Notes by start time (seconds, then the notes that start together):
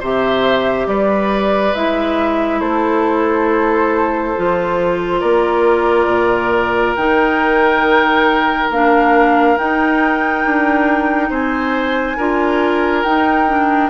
0.00 C3 G4 C5 E5
0.86 G3 B4 D5
1.74 G#3 E4 E5
2.60 A3 A4 C5
4.36 F3 F4
5.20 A#3 A#4 D5
6.07 A#2
6.96 D#3 D#4 G5
8.70 A#3 D4 F5
9.57 D#4 G5
10.45 D4
11.30 C4 C5 G#5
12.17 D4 F4 A#4
13.03 D#4 G5
13.47 D4